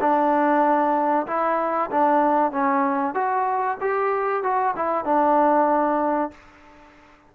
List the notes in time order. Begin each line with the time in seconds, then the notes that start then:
0.00 D4
1.27 E4
1.91 D4
2.51 C#4
3.14 F#4
3.80 G4
4.43 F#4
4.76 E4
5.05 D4